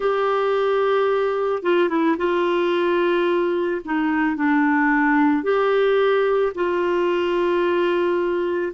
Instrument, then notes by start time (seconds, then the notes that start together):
clarinet
0.00 G4
1.62 F4
1.89 E4
2.17 F4
3.84 D#4
4.36 D4
5.42 G4
6.55 F4